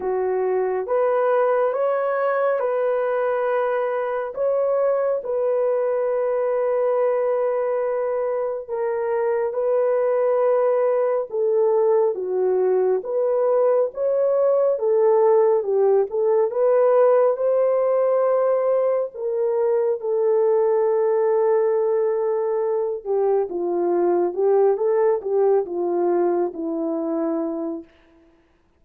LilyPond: \new Staff \with { instrumentName = "horn" } { \time 4/4 \tempo 4 = 69 fis'4 b'4 cis''4 b'4~ | b'4 cis''4 b'2~ | b'2 ais'4 b'4~ | b'4 a'4 fis'4 b'4 |
cis''4 a'4 g'8 a'8 b'4 | c''2 ais'4 a'4~ | a'2~ a'8 g'8 f'4 | g'8 a'8 g'8 f'4 e'4. | }